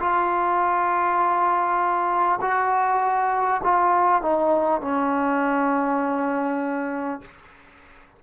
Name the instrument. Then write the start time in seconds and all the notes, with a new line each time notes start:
trombone
0.00 F4
2.42 F#4
3.64 F4
4.22 D#4
4.82 C#4